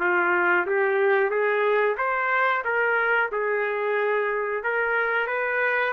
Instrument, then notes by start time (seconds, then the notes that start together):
trumpet
0.00 F4
0.67 G4
1.30 G#4
1.98 C5
2.65 A#4
3.32 G#4
4.63 A#4
5.27 B4